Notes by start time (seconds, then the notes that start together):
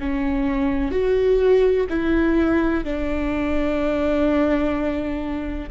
0.00 C#4
0.92 F#4
1.90 E4
2.84 D4